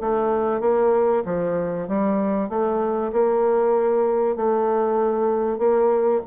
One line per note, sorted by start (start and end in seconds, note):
0.00 0.61 A3
0.61 1.23 A#3
1.25 1.88 F3
1.88 2.49 G3
2.49 3.11 A3
3.12 4.36 A#3
4.36 5.59 A3
5.59 6.21 A#3